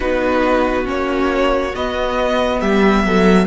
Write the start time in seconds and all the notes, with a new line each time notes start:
0.00 B3 D#4 F#4 B4
0.84 A#3 C#4 C#5
1.75 B3 D#5
2.59 G3 G4 E5
3.04 F#3 A4